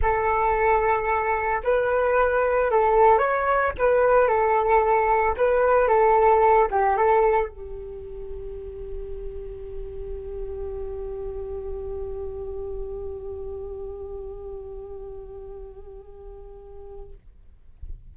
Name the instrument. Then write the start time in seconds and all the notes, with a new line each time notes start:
flute
0.01 A4
1.63 B4
2.70 A4
3.18 C#5
3.77 B4
4.28 A4
5.37 B4
5.88 A4
6.70 G4
6.96 A4
7.49 G4